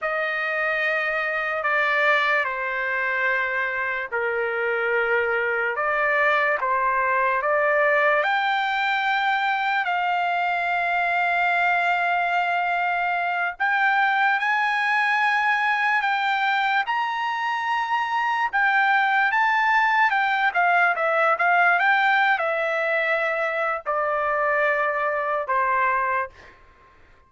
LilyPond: \new Staff \with { instrumentName = "trumpet" } { \time 4/4 \tempo 4 = 73 dis''2 d''4 c''4~ | c''4 ais'2 d''4 | c''4 d''4 g''2 | f''1~ |
f''8 g''4 gis''2 g''8~ | g''8 ais''2 g''4 a''8~ | a''8 g''8 f''8 e''8 f''8 g''8. e''8.~ | e''4 d''2 c''4 | }